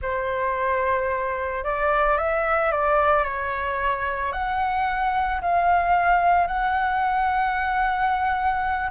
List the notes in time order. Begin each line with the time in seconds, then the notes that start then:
0.02 C5
1.64 D5
2.17 E5
2.71 D5
3.24 C#5
4.32 F#5
5.41 F5
6.47 F#5